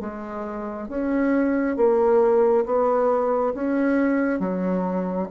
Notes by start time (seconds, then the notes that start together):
0.00 G#3
0.88 C#4
1.76 A#3
2.65 B3
3.54 C#4
4.40 F#3